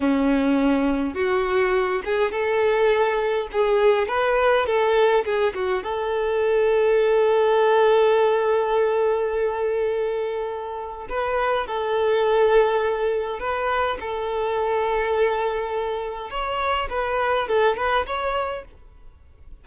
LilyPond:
\new Staff \with { instrumentName = "violin" } { \time 4/4 \tempo 4 = 103 cis'2 fis'4. gis'8 | a'2 gis'4 b'4 | a'4 gis'8 fis'8 a'2~ | a'1~ |
a'2. b'4 | a'2. b'4 | a'1 | cis''4 b'4 a'8 b'8 cis''4 | }